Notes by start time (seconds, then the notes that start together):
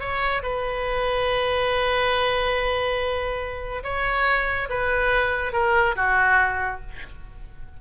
0.00 C#5
0.43 B4
3.84 C#5
4.70 B4
5.53 A#4
5.96 F#4